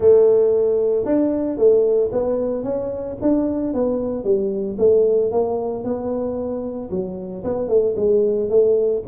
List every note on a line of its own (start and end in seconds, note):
0.00 1.05 A3
1.05 1.57 D4
1.57 2.10 A3
2.11 2.63 B3
2.63 3.16 C#4
3.21 3.73 D4
3.73 4.24 B3
4.24 4.77 G3
4.78 5.31 A3
5.31 5.84 A#3
5.84 6.90 B3
6.90 7.43 F#3
7.44 7.68 B3
7.68 7.94 A3
7.96 8.49 G#3
8.49 9.02 A3